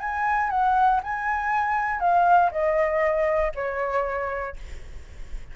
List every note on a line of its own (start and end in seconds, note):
0.00 0.50 G#5
0.50 1.00 F#5
1.04 2.00 G#5
2.00 2.51 F5
2.51 3.52 D#5
3.55 4.56 C#5